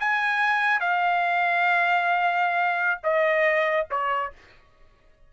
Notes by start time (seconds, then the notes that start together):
0.00 G#5
0.80 F5
3.03 D#5
3.91 C#5